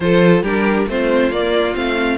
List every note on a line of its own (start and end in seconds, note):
0.00 0.42 F3
0.00 0.44 F4
0.00 0.43 A4
0.00 0.43 C5
0.42 0.85 G3
0.42 0.87 D4
0.42 0.87 G4
0.42 0.87 A#4
0.87 1.31 A3
0.87 1.31 C4
0.87 2.17 F4
0.87 1.31 C5
1.31 1.74 A#3
1.31 1.75 D5
1.74 2.17 A3
1.74 2.17 C4
1.74 2.17 F5